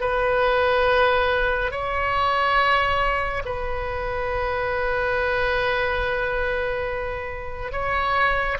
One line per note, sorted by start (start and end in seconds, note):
0.00 1.71 B4
1.71 3.42 C#5
3.45 7.72 B4
7.72 8.58 C#5